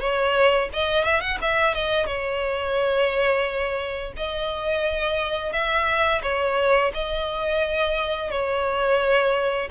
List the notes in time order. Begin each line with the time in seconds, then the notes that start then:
0.00 C#5
0.73 D#5
1.04 E5
1.20 F#5
1.41 E5
1.74 D#5
2.06 C#5
4.16 D#5
5.52 E5
6.23 C#5
6.94 D#5
8.30 C#5